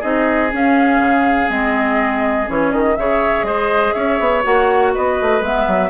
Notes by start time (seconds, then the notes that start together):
0.00 C4 D#4 G#4 D#5
0.52 C#4 F5
0.99 C#3
1.48 G#3 C4 D#5
2.47 E3 C#4 C#5
2.72 D#3 D#5
2.96 C#3 G#4 C#5 E5
3.43 G#3 C5 D#5
3.94 C#4 C#5 E5
4.20 B3
4.44 A#3 F#4 F#5
4.94 B3 B4 D#5
5.22 A3
5.41 G#3 B3 E5
5.68 F#3